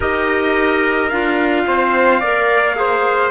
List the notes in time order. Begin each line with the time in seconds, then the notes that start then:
0.00 D#4 G4 A#4 D#5
1.09 D4 F4 F5
1.67 C4 C5
2.19 A#3 A#4 D5
2.75 G#4 C5